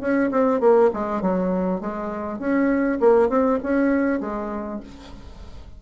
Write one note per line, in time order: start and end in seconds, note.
0.00 0.30 C#4
0.31 0.60 C4
0.60 0.90 A#3
0.93 1.21 G#3
1.21 1.81 F#3
1.81 2.39 G#3
2.39 2.99 C#4
3.00 3.29 A#3
3.29 3.59 C4
3.63 4.20 C#4
4.20 4.80 G#3